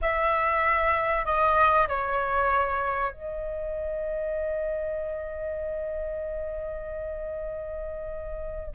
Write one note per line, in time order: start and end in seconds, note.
0.01 1.25 E5
1.25 1.87 D#5
1.88 3.11 C#5
3.11 8.74 D#5